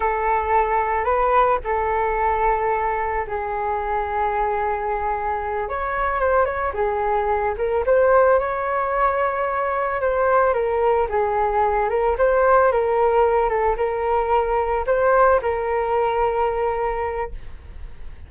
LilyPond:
\new Staff \with { instrumentName = "flute" } { \time 4/4 \tempo 4 = 111 a'2 b'4 a'4~ | a'2 gis'2~ | gis'2~ gis'8 cis''4 c''8 | cis''8 gis'4. ais'8 c''4 cis''8~ |
cis''2~ cis''8 c''4 ais'8~ | ais'8 gis'4. ais'8 c''4 ais'8~ | ais'4 a'8 ais'2 c''8~ | c''8 ais'2.~ ais'8 | }